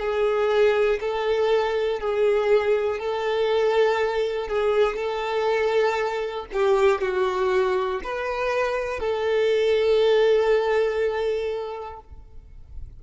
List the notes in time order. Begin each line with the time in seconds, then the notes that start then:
0.00 G#4
1.00 A4
2.00 G#4
2.99 A4
4.48 G#4
4.96 A4
6.53 G4
7.01 F#4
8.04 B4
9.00 A4